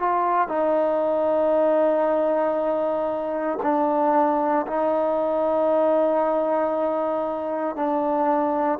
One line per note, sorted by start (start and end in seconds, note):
0.00 0.48 F4
0.48 3.59 D#4
3.63 4.66 D4
4.67 7.76 D#4
7.76 8.79 D4